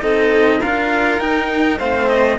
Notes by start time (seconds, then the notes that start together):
0.00 C4 D#4 A4 D#5
0.60 D4 F4 A#4 F5
1.19 D#4 G5
1.79 A3 C4 C5 F5
2.09 D#5